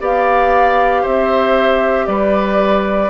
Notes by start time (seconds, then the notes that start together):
0.00 B3 G4 D5 F5
1.02 C4 C5 E5
2.07 G3 B4 D5